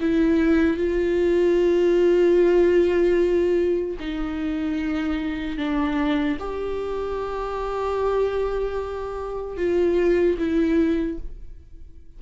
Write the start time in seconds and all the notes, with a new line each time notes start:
0.00 E4
0.77 F4
4.00 D#4
5.57 D4
6.39 G4
9.57 F4
10.38 E4